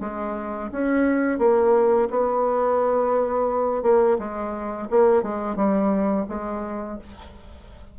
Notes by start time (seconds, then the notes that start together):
0.00 G#3
0.72 C#4
1.38 A#3
2.10 B3
3.82 A#3
4.18 G#3
4.90 A#3
5.22 G#3
5.56 G3
6.29 G#3